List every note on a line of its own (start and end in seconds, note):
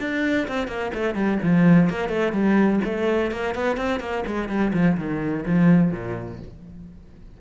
0.00 0.48 D4
0.48 0.68 C4
0.68 0.91 A#3
0.94 1.15 A3
1.15 1.38 G3
1.42 1.89 F3
1.89 2.09 A#3
2.09 2.32 A3
2.32 2.80 G3
2.84 3.31 A3
3.31 3.55 A#3
3.55 3.77 B3
3.77 4.00 C4
4.00 4.24 A#3
4.26 4.48 G#3
4.48 4.72 G3
4.73 4.97 F3
4.97 5.45 D#3
5.45 5.91 F3
5.91 6.39 A#2